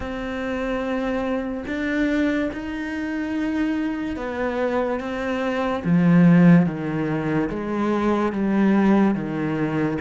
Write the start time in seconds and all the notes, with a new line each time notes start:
0.00 C4
1.67 D4
2.53 D#4
4.16 B3
5.00 C4
5.84 F3
6.66 D#3
7.49 G#3
8.32 G3
9.14 D#3